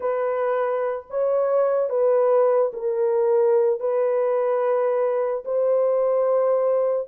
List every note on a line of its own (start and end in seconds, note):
0.00 1.05 B4
1.10 1.89 C#5
1.89 2.71 B4
2.73 3.80 A#4
3.80 5.43 B4
5.44 7.07 C5